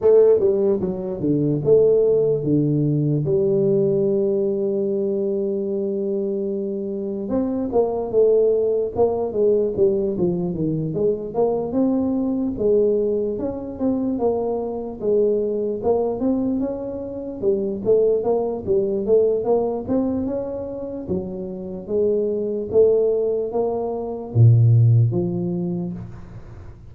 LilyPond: \new Staff \with { instrumentName = "tuba" } { \time 4/4 \tempo 4 = 74 a8 g8 fis8 d8 a4 d4 | g1~ | g4 c'8 ais8 a4 ais8 gis8 | g8 f8 dis8 gis8 ais8 c'4 gis8~ |
gis8 cis'8 c'8 ais4 gis4 ais8 | c'8 cis'4 g8 a8 ais8 g8 a8 | ais8 c'8 cis'4 fis4 gis4 | a4 ais4 ais,4 f4 | }